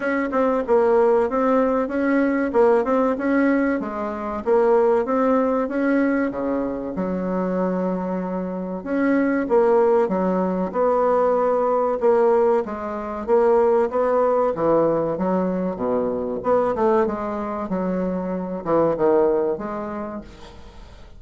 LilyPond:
\new Staff \with { instrumentName = "bassoon" } { \time 4/4 \tempo 4 = 95 cis'8 c'8 ais4 c'4 cis'4 | ais8 c'8 cis'4 gis4 ais4 | c'4 cis'4 cis4 fis4~ | fis2 cis'4 ais4 |
fis4 b2 ais4 | gis4 ais4 b4 e4 | fis4 b,4 b8 a8 gis4 | fis4. e8 dis4 gis4 | }